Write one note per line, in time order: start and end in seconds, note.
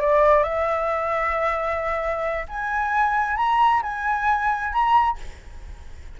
0.00 0.43 D5
0.43 2.46 E5
2.48 3.37 G#5
3.37 3.82 A#5
3.82 4.72 G#5
4.73 5.18 A#5